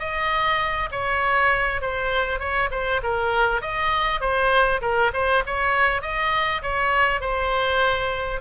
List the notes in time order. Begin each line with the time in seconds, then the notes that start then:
0.00 D#5
0.92 C#5
1.82 C5
2.40 C#5
2.71 C5
3.04 A#4
3.62 D#5
4.21 C5
4.82 A#4
5.14 C5
5.47 C#5
6.02 D#5
6.63 C#5
7.21 C5